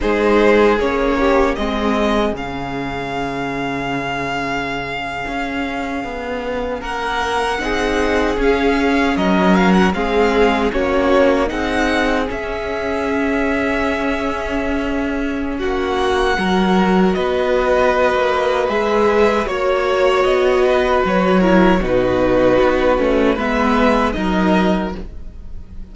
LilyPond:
<<
  \new Staff \with { instrumentName = "violin" } { \time 4/4 \tempo 4 = 77 c''4 cis''4 dis''4 f''4~ | f''1~ | f''8. fis''2 f''4 dis''16~ | dis''16 f''16 fis''16 f''4 cis''4 fis''4 e''16~ |
e''1 | fis''2 dis''2 | e''4 cis''4 dis''4 cis''4 | b'2 e''4 dis''4 | }
  \new Staff \with { instrumentName = "violin" } { \time 4/4 gis'4. g'8 gis'2~ | gis'1~ | gis'8. ais'4 gis'2 ais'16~ | ais'8. gis'4 fis'4 gis'4~ gis'16~ |
gis'1 | fis'4 ais'4 b'2~ | b'4 cis''4. b'4 ais'8 | fis'2 b'4 ais'4 | }
  \new Staff \with { instrumentName = "viola" } { \time 4/4 dis'4 cis'4 c'4 cis'4~ | cis'1~ | cis'4.~ cis'16 dis'4 cis'4~ cis'16~ | cis'8. c'4 cis'4 dis'4 cis'16~ |
cis'1~ | cis'4 fis'2. | gis'4 fis'2~ fis'8 e'8 | dis'4. cis'8 b4 dis'4 | }
  \new Staff \with { instrumentName = "cello" } { \time 4/4 gis4 ais4 gis4 cis4~ | cis2~ cis8. cis'4 b16~ | b8. ais4 c'4 cis'4 fis16~ | fis8. gis4 ais4 c'4 cis'16~ |
cis'1 | ais4 fis4 b4~ b16 ais8. | gis4 ais4 b4 fis4 | b,4 b8 a8 gis4 fis4 | }
>>